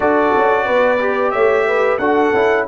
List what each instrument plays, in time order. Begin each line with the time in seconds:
0.00 tuba D4, trombone F#4, horn A4, trumpet D5
0.36 tuba C#4
0.65 tuba B3, horn B4
0.98 trombone G4
1.31 tuba A3, horn C#5, trumpet E5
1.67 horn B4
1.98 tuba D4, trombone F#4, horn A4, trumpet F#5
2.33 tuba C#4, trombone E4